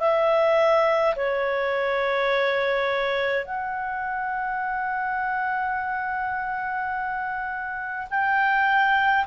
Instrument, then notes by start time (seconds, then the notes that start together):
clarinet
0.00 E5
1.16 C#5
3.46 F#5
8.10 G5